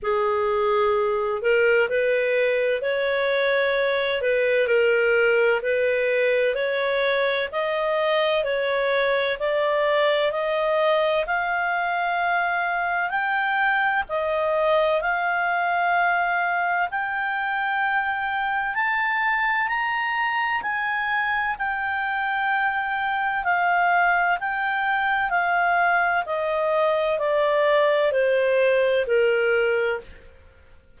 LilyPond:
\new Staff \with { instrumentName = "clarinet" } { \time 4/4 \tempo 4 = 64 gis'4. ais'8 b'4 cis''4~ | cis''8 b'8 ais'4 b'4 cis''4 | dis''4 cis''4 d''4 dis''4 | f''2 g''4 dis''4 |
f''2 g''2 | a''4 ais''4 gis''4 g''4~ | g''4 f''4 g''4 f''4 | dis''4 d''4 c''4 ais'4 | }